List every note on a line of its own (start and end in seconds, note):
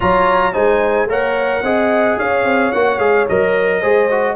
0.00 0.54 F#3
0.00 0.53 F4
0.00 0.53 C#5
0.00 0.53 A#5
0.53 1.07 G#3
0.53 1.07 D#4
0.53 1.07 C5
0.53 1.08 G#5
1.07 1.61 A#3
1.07 1.64 A#4
1.07 1.63 C#5
1.07 2.19 F#5
1.62 2.16 C4
1.62 2.73 G#4
1.62 2.18 D#5
2.18 2.44 C#4
2.18 3.80 C#5
2.18 2.72 F5
2.44 2.71 C4
2.72 2.98 A#3
2.72 2.99 F#4
2.72 2.99 F#5
2.98 3.26 G#3
2.98 3.26 G#4
2.98 3.26 F5
3.28 3.83 F#3
3.28 3.82 A#4
3.28 4.35 D#5
3.80 4.35 G#3
3.80 4.09 G#4
3.80 4.35 C5
4.10 4.35 F#4